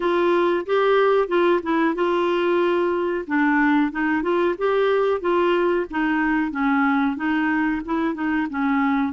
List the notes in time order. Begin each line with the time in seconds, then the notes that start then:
0.00 F4
0.66 G4
1.27 F4
1.62 E4
1.94 F4
3.27 D4
3.91 D#4
4.22 F4
4.58 G4
5.21 F4
5.90 D#4
6.51 C#4
7.16 D#4
7.85 E4
8.14 D#4
8.50 C#4